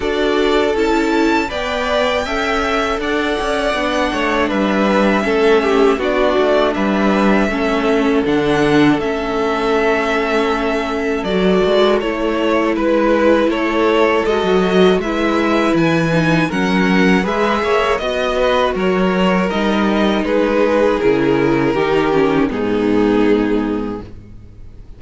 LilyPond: <<
  \new Staff \with { instrumentName = "violin" } { \time 4/4 \tempo 4 = 80 d''4 a''4 g''2 | fis''2 e''2 | d''4 e''2 fis''4 | e''2. d''4 |
cis''4 b'4 cis''4 dis''4 | e''4 gis''4 fis''4 e''4 | dis''4 cis''4 dis''4 b'4 | ais'2 gis'2 | }
  \new Staff \with { instrumentName = "violin" } { \time 4/4 a'2 d''4 e''4 | d''4. cis''8 b'4 a'8 g'8 | fis'4 b'4 a'2~ | a'1~ |
a'4 b'4 a'2 | b'2 ais'4 b'8 cis''8 | dis''8 b'8 ais'2 gis'4~ | gis'4 g'4 dis'2 | }
  \new Staff \with { instrumentName = "viola" } { \time 4/4 fis'4 e'4 b'4 a'4~ | a'4 d'2 cis'4 | d'2 cis'4 d'4 | cis'2. fis'4 |
e'2. fis'4 | e'4. dis'8 cis'4 gis'4 | fis'2 dis'2 | e'4 dis'8 cis'8 b2 | }
  \new Staff \with { instrumentName = "cello" } { \time 4/4 d'4 cis'4 b4 cis'4 | d'8 cis'8 b8 a8 g4 a4 | b8 a8 g4 a4 d4 | a2. fis8 gis8 |
a4 gis4 a4 gis16 fis8. | gis4 e4 fis4 gis8 ais8 | b4 fis4 g4 gis4 | cis4 dis4 gis,2 | }
>>